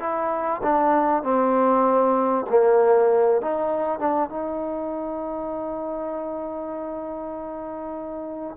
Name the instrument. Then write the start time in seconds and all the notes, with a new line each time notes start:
trombone
0.00 E4
0.63 D4
1.23 C4
2.50 A#3
3.41 D#4
3.99 D4
4.30 D#4